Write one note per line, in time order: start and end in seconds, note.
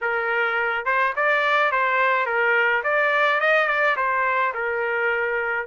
0.01 0.85 A#4
0.85 1.13 C5
1.16 1.71 D5
1.71 2.26 C5
2.26 2.82 A#4
2.83 3.40 D5
3.40 3.67 D#5
3.67 3.95 D5
3.96 4.53 C5
4.54 5.67 A#4